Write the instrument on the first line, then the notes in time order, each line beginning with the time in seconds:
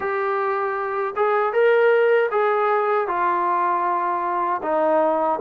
trombone
0.00 G4
1.15 G#4
1.52 A#4
2.31 G#4
3.07 F4
4.62 D#4